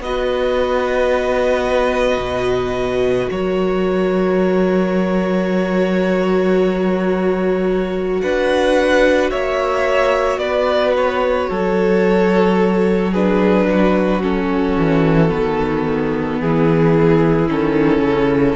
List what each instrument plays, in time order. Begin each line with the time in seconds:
0.00 cello B3, viola F#4, violin B4 D#5
2.17 cello B2
3.30 cello F#3, violin A#4 C#5
8.21 cello D4, violin B4 F#5
9.31 cello A#3, violin C#5 E5
10.37 cello B3, violin B4 D5
10.96 violin C#5
11.50 cello F#3, violin A4
13.12 viola D4, violin G#4 B4
13.70 violin F#4
14.21 viola C#4, violin A4
14.77 cello E3
15.28 cello D#3, viola B3
16.40 cello E3, violin E4 G#4
17.48 cello D#3, viola C#4, violin A4
17.99 cello C#3